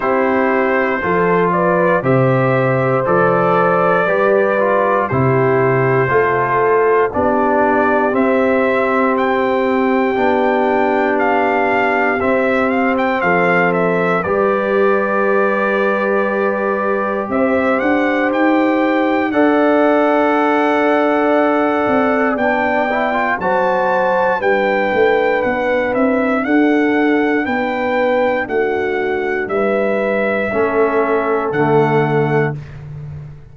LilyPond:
<<
  \new Staff \with { instrumentName = "trumpet" } { \time 4/4 \tempo 4 = 59 c''4. d''8 e''4 d''4~ | d''4 c''2 d''4 | e''4 g''2 f''4 | e''8 f''16 g''16 f''8 e''8 d''2~ |
d''4 e''8 fis''8 g''4 fis''4~ | fis''2 g''4 a''4 | g''4 fis''8 e''8 fis''4 g''4 | fis''4 e''2 fis''4 | }
  \new Staff \with { instrumentName = "horn" } { \time 4/4 g'4 a'8 b'8 c''2 | b'4 g'4 a'4 g'4~ | g'1~ | g'4 a'4 b'2~ |
b'4 c''2 d''4~ | d''2. c''4 | b'2 a'4 b'4 | fis'4 b'4 a'2 | }
  \new Staff \with { instrumentName = "trombone" } { \time 4/4 e'4 f'4 g'4 a'4 | g'8 f'8 e'4 f'4 d'4 | c'2 d'2 | c'2 g'2~ |
g'2. a'4~ | a'2 d'8 e'16 f'16 fis'4 | d'1~ | d'2 cis'4 a4 | }
  \new Staff \with { instrumentName = "tuba" } { \time 4/4 c'4 f4 c4 f4 | g4 c4 a4 b4 | c'2 b2 | c'4 f4 g2~ |
g4 c'8 d'8 dis'4 d'4~ | d'4. c'8 b4 fis4 | g8 a8 b8 c'8 d'4 b4 | a4 g4 a4 d4 | }
>>